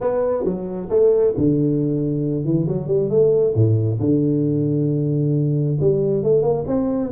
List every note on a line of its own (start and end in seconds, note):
0.00 0.44 B3
0.44 0.88 F#3
0.89 1.34 A3
1.37 2.44 D3
2.44 2.67 E3
2.67 2.87 F#3
2.87 3.09 G3
3.09 3.54 A3
3.54 3.99 A2
4.00 5.78 D3
5.80 6.23 G3
6.23 6.42 A3
6.42 6.64 A#3
6.67 7.11 C4